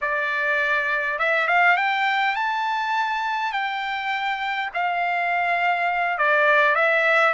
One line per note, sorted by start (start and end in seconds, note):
0.01 1.18 D5
1.18 1.47 E5
1.47 1.76 F5
1.76 2.35 G5
2.35 3.52 A5
3.52 4.70 G5
4.74 6.18 F5
6.18 6.75 D5
6.75 7.33 E5